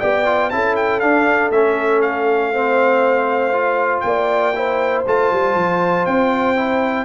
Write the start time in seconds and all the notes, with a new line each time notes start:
0.00 B3 G4 D5 G5
0.26 F4
0.50 C#4 E4 A4 A5
0.76 G5
1.00 D4 F5
1.51 A3 C#4 E5
2.02 F5
2.53 C4 C5
3.53 F4
4.01 A#3 D5 G5
4.56 E4 C5
5.07 A3 F4 A5
5.33 G3
5.55 F3
6.06 C4 G5
6.56 E4